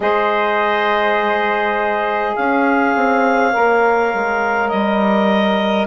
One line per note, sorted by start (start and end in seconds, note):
0.00 2.35 G#3
0.00 3.51 G#4
0.00 2.35 C5
0.00 2.35 D#5
2.35 2.95 C#4
2.35 5.86 C#5
2.35 4.68 F5
2.95 3.54 C4
3.52 4.13 A#3
3.52 5.86 A#4
4.13 4.72 G#3
4.68 5.86 G3
4.68 5.86 D#5